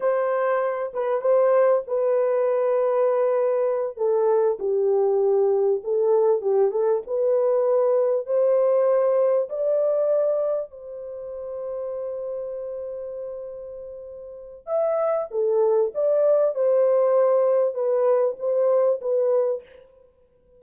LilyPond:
\new Staff \with { instrumentName = "horn" } { \time 4/4 \tempo 4 = 98 c''4. b'8 c''4 b'4~ | b'2~ b'8 a'4 g'8~ | g'4. a'4 g'8 a'8 b'8~ | b'4. c''2 d''8~ |
d''4. c''2~ c''8~ | c''1 | e''4 a'4 d''4 c''4~ | c''4 b'4 c''4 b'4 | }